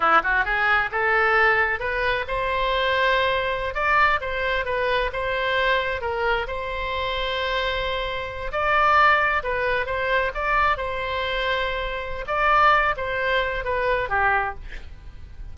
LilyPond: \new Staff \with { instrumentName = "oboe" } { \time 4/4 \tempo 4 = 132 e'8 fis'8 gis'4 a'2 | b'4 c''2.~ | c''16 d''4 c''4 b'4 c''8.~ | c''4~ c''16 ais'4 c''4.~ c''16~ |
c''2~ c''8. d''4~ d''16~ | d''8. b'4 c''4 d''4 c''16~ | c''2. d''4~ | d''8 c''4. b'4 g'4 | }